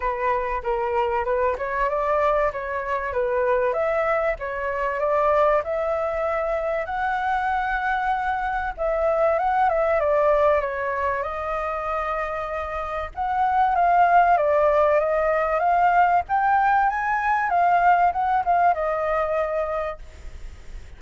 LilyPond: \new Staff \with { instrumentName = "flute" } { \time 4/4 \tempo 4 = 96 b'4 ais'4 b'8 cis''8 d''4 | cis''4 b'4 e''4 cis''4 | d''4 e''2 fis''4~ | fis''2 e''4 fis''8 e''8 |
d''4 cis''4 dis''2~ | dis''4 fis''4 f''4 d''4 | dis''4 f''4 g''4 gis''4 | f''4 fis''8 f''8 dis''2 | }